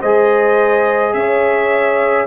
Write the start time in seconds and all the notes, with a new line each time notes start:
0.00 G#3 G#4 C5 D#5
1.13 C#4 C#5 E5